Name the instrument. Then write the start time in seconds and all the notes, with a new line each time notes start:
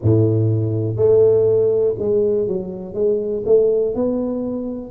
tuba
0.02 A2
0.96 A3
1.98 G#3
2.47 F#3
2.94 G#3
3.45 A3
3.94 B3